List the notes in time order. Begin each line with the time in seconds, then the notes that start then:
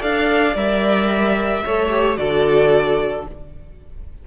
0.00 D4 A4 D5 F5
0.55 G3 A#4 E5
1.65 A3 A4 C#5
1.90 G4
2.16 D3 F#4 A4 D5